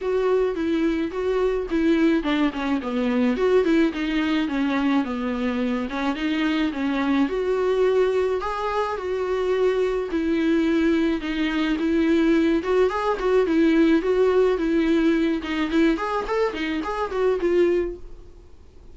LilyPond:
\new Staff \with { instrumentName = "viola" } { \time 4/4 \tempo 4 = 107 fis'4 e'4 fis'4 e'4 | d'8 cis'8 b4 fis'8 e'8 dis'4 | cis'4 b4. cis'8 dis'4 | cis'4 fis'2 gis'4 |
fis'2 e'2 | dis'4 e'4. fis'8 gis'8 fis'8 | e'4 fis'4 e'4. dis'8 | e'8 gis'8 a'8 dis'8 gis'8 fis'8 f'4 | }